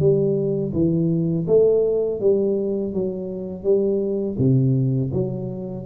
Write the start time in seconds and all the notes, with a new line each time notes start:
0.00 G3
0.74 E3
1.47 A3
2.21 G3
2.94 F#3
3.64 G3
4.39 C3
5.14 F#3